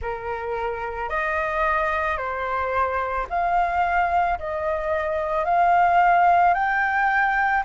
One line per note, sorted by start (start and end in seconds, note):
0.01 1.09 A#4
1.09 2.17 D#5
2.17 3.26 C5
3.29 4.38 F5
4.38 5.44 D#5
5.44 6.54 F5
6.54 7.63 G5